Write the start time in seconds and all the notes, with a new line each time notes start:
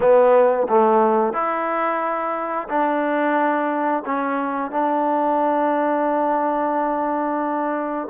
0.00 B3
0.68 A3
1.33 E4
2.68 D4
4.05 C#4
4.71 D4